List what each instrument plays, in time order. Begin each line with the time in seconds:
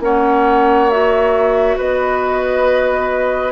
0.00 bassoon A#3, clarinet C#4, oboe C#5, flute F#5
0.90 clarinet F#4, flute E5
1.77 bassoon B3, oboe B4, flute D#5